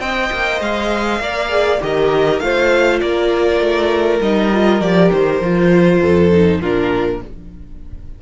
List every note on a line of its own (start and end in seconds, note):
0.00 0.30 C4
0.00 1.21 C5
0.00 1.21 D#5
0.00 0.61 G5
0.33 0.61 A#3
0.61 1.20 G#3
0.61 1.82 F5
1.20 1.80 A#3
1.20 1.49 A#4
1.20 1.82 D5
1.49 1.79 G#4
1.81 2.41 D#3
1.81 2.41 G4
1.81 2.44 A#4
1.81 2.40 D#5
2.40 3.01 A3
2.40 4.22 F4
2.40 3.02 C5
2.40 3.00 F5
3.00 3.60 A#3
3.00 6.00 A#4
3.00 4.20 D5
3.60 4.20 A3
4.21 4.81 G3
4.21 4.53 D#4
4.21 4.82 D#5
4.53 4.82 F4
4.81 5.11 F3
4.81 5.42 G4
4.81 5.12 D5
5.13 5.41 D#3
5.13 6.62 C5
5.41 6.01 F3
5.41 6.32 F4
6.00 6.62 F2
6.00 6.60 A4
6.32 6.62 D#4
6.61 7.22 A#2
6.61 7.23 D4
6.61 7.21 F4
6.61 7.22 A#4